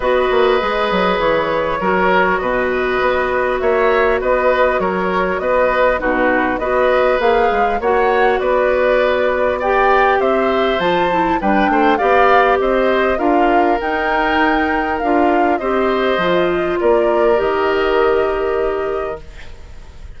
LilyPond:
<<
  \new Staff \with { instrumentName = "flute" } { \time 4/4 \tempo 4 = 100 dis''2 cis''2 | dis''2 e''4 dis''4 | cis''4 dis''4 b'4 dis''4 | f''4 fis''4 d''2 |
g''4 e''4 a''4 g''4 | f''4 dis''4 f''4 g''4~ | g''4 f''4 dis''2 | d''4 dis''2. | }
  \new Staff \with { instrumentName = "oboe" } { \time 4/4 b'2. ais'4 | b'2 cis''4 b'4 | ais'4 b'4 fis'4 b'4~ | b'4 cis''4 b'2 |
d''4 c''2 b'8 c''8 | d''4 c''4 ais'2~ | ais'2 c''2 | ais'1 | }
  \new Staff \with { instrumentName = "clarinet" } { \time 4/4 fis'4 gis'2 fis'4~ | fis'1~ | fis'2 dis'4 fis'4 | gis'4 fis'2. |
g'2 f'8 e'8 d'4 | g'2 f'4 dis'4~ | dis'4 f'4 g'4 f'4~ | f'4 g'2. | }
  \new Staff \with { instrumentName = "bassoon" } { \time 4/4 b8 ais8 gis8 fis8 e4 fis4 | b,4 b4 ais4 b4 | fis4 b4 b,4 b4 | ais8 gis8 ais4 b2~ |
b4 c'4 f4 g8 a8 | b4 c'4 d'4 dis'4~ | dis'4 d'4 c'4 f4 | ais4 dis2. | }
>>